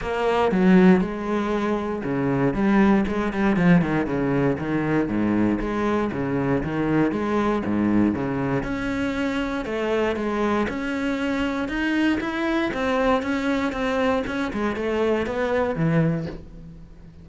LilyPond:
\new Staff \with { instrumentName = "cello" } { \time 4/4 \tempo 4 = 118 ais4 fis4 gis2 | cis4 g4 gis8 g8 f8 dis8 | cis4 dis4 gis,4 gis4 | cis4 dis4 gis4 gis,4 |
cis4 cis'2 a4 | gis4 cis'2 dis'4 | e'4 c'4 cis'4 c'4 | cis'8 gis8 a4 b4 e4 | }